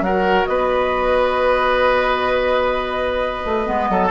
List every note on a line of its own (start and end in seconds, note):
0.00 0.44 F#3
0.00 3.66 F#4
0.00 0.49 A#4
0.00 0.45 F#5
0.45 3.45 B3
0.45 3.90 B4
0.45 4.09 D#5
3.45 3.67 A3
3.66 3.89 G#3
3.66 4.10 B3
3.89 4.11 F#3
3.89 4.11 A4